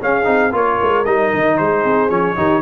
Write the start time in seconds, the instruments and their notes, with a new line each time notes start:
0.00 trombone C#4, tuba C#4, horn G#4, trumpet F5
0.24 tuba C4, trombone D#4
0.52 tuba A#3, trombone F4, horn A#4, trumpet C#5
0.81 tuba G#3
1.05 tuba G3, trombone D#4, trumpet D#5
1.33 tuba D#3
1.57 tuba G#3, horn G#4, trumpet C5
1.84 tuba C4
2.09 tuba F3, trombone C#4, trumpet C#5
2.36 tuba D#3, trombone D#4, horn G4